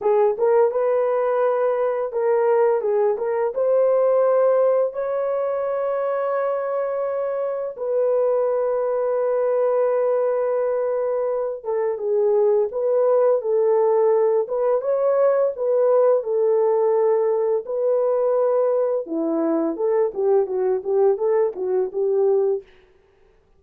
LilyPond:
\new Staff \with { instrumentName = "horn" } { \time 4/4 \tempo 4 = 85 gis'8 ais'8 b'2 ais'4 | gis'8 ais'8 c''2 cis''4~ | cis''2. b'4~ | b'1~ |
b'8 a'8 gis'4 b'4 a'4~ | a'8 b'8 cis''4 b'4 a'4~ | a'4 b'2 e'4 | a'8 g'8 fis'8 g'8 a'8 fis'8 g'4 | }